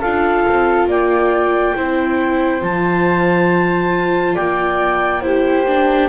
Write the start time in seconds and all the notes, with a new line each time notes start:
0.00 D4 F4 A4 F5
0.48 C4
0.86 A#3 D5 G5
1.76 C4 E4 C5
2.60 F3 F4 A5
4.34 A#3 D5 G5
5.21 E4 G4 C5
5.67 D4